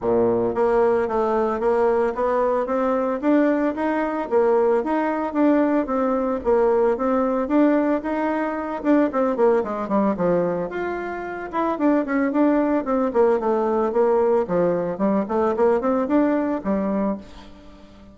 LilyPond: \new Staff \with { instrumentName = "bassoon" } { \time 4/4 \tempo 4 = 112 ais,4 ais4 a4 ais4 | b4 c'4 d'4 dis'4 | ais4 dis'4 d'4 c'4 | ais4 c'4 d'4 dis'4~ |
dis'8 d'8 c'8 ais8 gis8 g8 f4 | f'4. e'8 d'8 cis'8 d'4 | c'8 ais8 a4 ais4 f4 | g8 a8 ais8 c'8 d'4 g4 | }